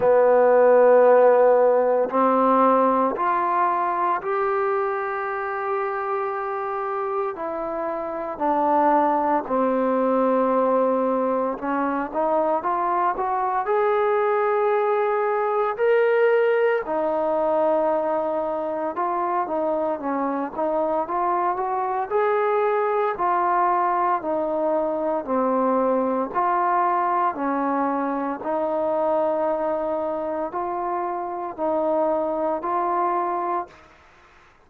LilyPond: \new Staff \with { instrumentName = "trombone" } { \time 4/4 \tempo 4 = 57 b2 c'4 f'4 | g'2. e'4 | d'4 c'2 cis'8 dis'8 | f'8 fis'8 gis'2 ais'4 |
dis'2 f'8 dis'8 cis'8 dis'8 | f'8 fis'8 gis'4 f'4 dis'4 | c'4 f'4 cis'4 dis'4~ | dis'4 f'4 dis'4 f'4 | }